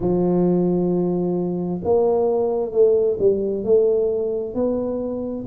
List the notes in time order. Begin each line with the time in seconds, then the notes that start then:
0.00 F3
1.83 A#3
2.71 A3
3.19 G3
3.64 A3
4.54 B3